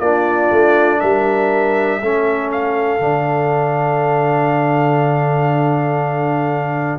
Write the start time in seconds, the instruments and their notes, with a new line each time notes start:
0.00 tuba A#3, trombone D4, horn F4, trumpet D5
0.51 tuba A3
1.01 tuba G3, horn A#4, trumpet E5
2.02 tuba A3, trombone C#4, horn A4
2.52 trumpet F5
3.00 tuba D3, trombone D4